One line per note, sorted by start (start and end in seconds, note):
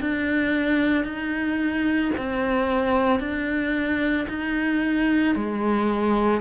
0.00 1.04 D4
1.04 2.11 D#4
2.17 3.19 C4
3.19 4.27 D4
4.29 5.35 D#4
5.35 6.41 G#3